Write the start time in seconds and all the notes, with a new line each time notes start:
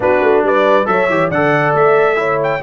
0.00 B3 D4 F#4 B4
0.21 A3
0.42 G3 B4 D5
0.85 F#3 A4 C#5 E5
1.09 E3 G4
1.29 D3 A4 D5 F#5
1.73 A3 E5
2.16 E4 C#5
2.43 G5